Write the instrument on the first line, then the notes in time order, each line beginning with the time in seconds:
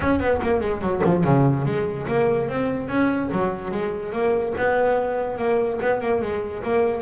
double bass
0.00 C#4
0.19 B3
0.42 A#3
0.60 G#3
0.81 F#3
1.03 F3
1.24 C#3
1.65 G#3
2.07 A#3
2.48 C4
2.88 C#4
3.31 F#3
3.71 G#3
4.12 A#3
4.57 B3
5.38 A#3
5.81 B3
6.00 A#3
6.21 G#3
6.63 A#3